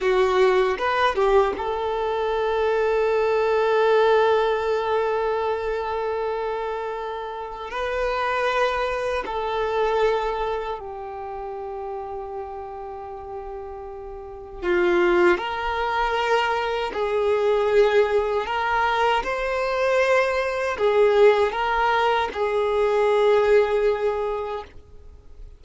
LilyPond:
\new Staff \with { instrumentName = "violin" } { \time 4/4 \tempo 4 = 78 fis'4 b'8 g'8 a'2~ | a'1~ | a'2 b'2 | a'2 g'2~ |
g'2. f'4 | ais'2 gis'2 | ais'4 c''2 gis'4 | ais'4 gis'2. | }